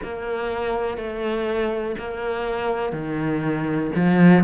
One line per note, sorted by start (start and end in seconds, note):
0.03 0.97 A#3
0.97 1.95 A3
1.98 2.92 A#3
2.92 3.90 D#3
3.95 4.44 F3